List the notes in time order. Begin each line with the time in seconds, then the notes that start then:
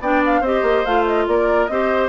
0.00 B3 D4 D5 G5
0.25 F5
0.41 C4 G4 C5 D#5
0.62 A#3
0.85 A3 F4 F5
1.07 D#5
1.27 A#3 A#4 D5
1.66 C4 G4 C5 D#5